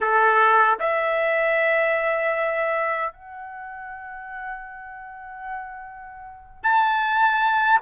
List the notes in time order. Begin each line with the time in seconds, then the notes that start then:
0.00 A4
0.79 E5
3.12 F#5
6.63 A5